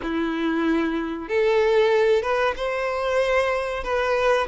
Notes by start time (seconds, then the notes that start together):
0.02 E4
1.28 A4
2.22 B4
2.56 C5
3.83 B4